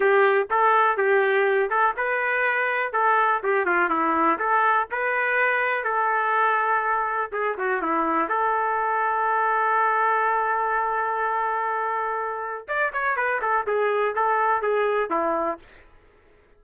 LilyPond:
\new Staff \with { instrumentName = "trumpet" } { \time 4/4 \tempo 4 = 123 g'4 a'4 g'4. a'8 | b'2 a'4 g'8 f'8 | e'4 a'4 b'2 | a'2. gis'8 fis'8 |
e'4 a'2.~ | a'1~ | a'2 d''8 cis''8 b'8 a'8 | gis'4 a'4 gis'4 e'4 | }